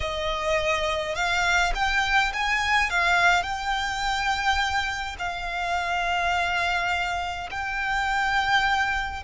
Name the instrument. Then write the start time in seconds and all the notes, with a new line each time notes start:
violin
0.00 D#5
1.15 F5
1.74 G5
2.33 G#5
2.90 F5
3.42 G5
5.18 F5
7.51 G5